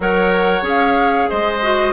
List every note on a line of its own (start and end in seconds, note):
0.00 0.61 F#3
0.00 0.62 A#4
0.00 1.29 C#5
0.00 0.65 F#5
0.61 1.26 C#4
0.61 1.58 G#4
0.68 1.29 F5
1.29 1.93 G#3
1.29 1.93 C5
1.29 1.93 D#5
1.62 1.93 F#4